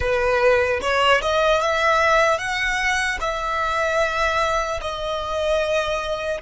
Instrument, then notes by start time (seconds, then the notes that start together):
violin
0.00 B4
0.81 C#5
1.21 D#5
1.61 E5
2.38 F#5
3.20 E5
4.81 D#5